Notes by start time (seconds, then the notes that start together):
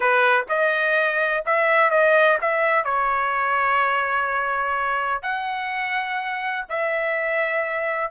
0.00 B4
0.48 D#5
1.45 E5
1.90 D#5
2.41 E5
2.84 C#5
5.22 F#5
6.69 E5